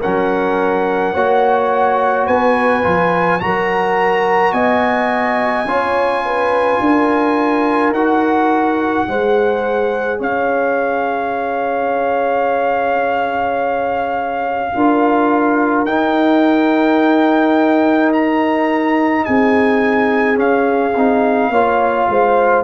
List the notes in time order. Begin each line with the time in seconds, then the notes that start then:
0.00 F#3 C#4 A#4 F#5
1.13 A#3 F#4 C#5
2.26 B3 B4 G#5
2.83 F3 F4
3.40 F#3 F#4 A#4 A#5
4.52 B3 D#5 G#5
5.64 C#4 F4 C#5
6.25 B4
6.79 D4 A#4
7.89 D#4 F#4 F#5
9.07 G#3 G#4 C5
10.19 C#4 C#5 F5
14.73 D4 F4 A#4
15.84 D#4 G5
18.12 A#5
19.25 C4 G#4 G#5
20.35 C#4 F5
20.95 C4 D#4
21.49 A#3 F4 C#5
22.08 G#3 C5